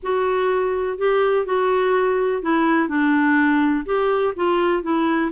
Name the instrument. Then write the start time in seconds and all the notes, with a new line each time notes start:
clarinet
0.02 F#4
0.98 G4
1.45 F#4
2.42 E4
2.88 D4
3.85 G4
4.36 F4
4.82 E4